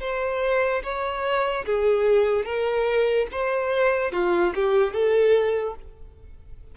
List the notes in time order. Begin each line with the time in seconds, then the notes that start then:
0.00 C5
0.83 C#5
1.65 G#4
2.45 A#4
3.31 C5
4.12 F4
4.55 G4
4.93 A4